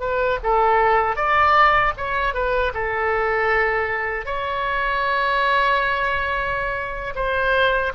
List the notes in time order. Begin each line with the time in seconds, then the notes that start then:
0.00 B4
0.43 A4
1.16 D5
1.97 C#5
2.34 B4
2.74 A4
4.26 C#5
7.15 C5